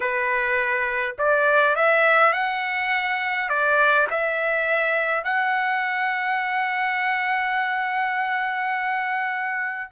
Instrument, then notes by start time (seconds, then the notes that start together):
trumpet
0.00 B4
1.18 D5
1.75 E5
2.32 F#5
3.49 D5
4.10 E5
5.23 F#5